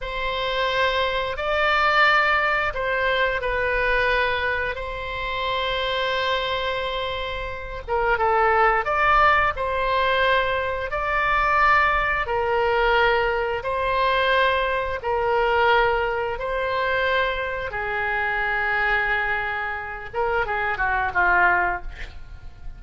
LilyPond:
\new Staff \with { instrumentName = "oboe" } { \time 4/4 \tempo 4 = 88 c''2 d''2 | c''4 b'2 c''4~ | c''2.~ c''8 ais'8 | a'4 d''4 c''2 |
d''2 ais'2 | c''2 ais'2 | c''2 gis'2~ | gis'4. ais'8 gis'8 fis'8 f'4 | }